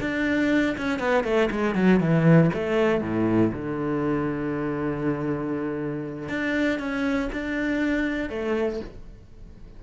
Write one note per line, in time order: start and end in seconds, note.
0.00 0.76 D4
0.77 0.99 C#4
0.99 1.24 B3
1.24 1.49 A3
1.50 1.74 G#3
1.74 2.00 F#3
2.00 2.50 E3
2.53 3.01 A3
3.01 3.51 A2
3.52 6.28 D3
6.28 6.79 D4
6.79 7.29 C#4
7.32 8.29 D4
8.29 8.80 A3